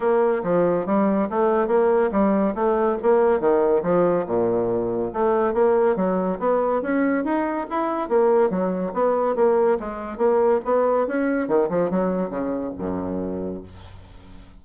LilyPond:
\new Staff \with { instrumentName = "bassoon" } { \time 4/4 \tempo 4 = 141 ais4 f4 g4 a4 | ais4 g4 a4 ais4 | dis4 f4 ais,2 | a4 ais4 fis4 b4 |
cis'4 dis'4 e'4 ais4 | fis4 b4 ais4 gis4 | ais4 b4 cis'4 dis8 f8 | fis4 cis4 fis,2 | }